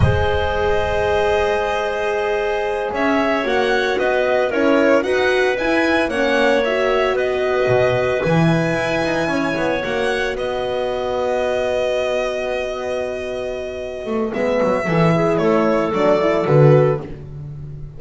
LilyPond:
<<
  \new Staff \with { instrumentName = "violin" } { \time 4/4 \tempo 4 = 113 dis''1~ | dis''4. e''4 fis''4 dis''8~ | dis''8 cis''4 fis''4 gis''4 fis''8~ | fis''8 e''4 dis''2 gis''8~ |
gis''2~ gis''8 fis''4 dis''8~ | dis''1~ | dis''2. e''4~ | e''4 cis''4 d''4 b'4 | }
  \new Staff \with { instrumentName = "clarinet" } { \time 4/4 c''1~ | c''4. cis''2 b'8~ | b'8 ais'4 b'2 cis''8~ | cis''4. b'2~ b'8~ |
b'4. cis''2 b'8~ | b'1~ | b'1 | a'8 gis'8 a'2. | }
  \new Staff \with { instrumentName = "horn" } { \time 4/4 gis'1~ | gis'2~ gis'8 fis'4.~ | fis'8 e'4 fis'4 e'4 cis'8~ | cis'8 fis'2. e'8~ |
e'2~ e'8 fis'4.~ | fis'1~ | fis'2. b4 | e'2 d'8 e'8 fis'4 | }
  \new Staff \with { instrumentName = "double bass" } { \time 4/4 gis1~ | gis4. cis'4 ais4 b8~ | b8 cis'4 dis'4 e'4 ais8~ | ais4. b4 b,4 e8~ |
e8 e'8 dis'8 cis'8 b8 ais4 b8~ | b1~ | b2~ b8 a8 gis8 fis8 | e4 a4 fis4 d4 | }
>>